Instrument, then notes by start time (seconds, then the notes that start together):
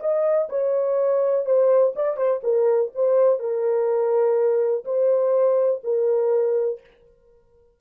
horn
0.00 D#5
0.49 C#5
1.46 C5
1.96 D5
2.17 C5
2.43 A#4
2.95 C5
3.39 A#4
4.85 C5
5.84 A#4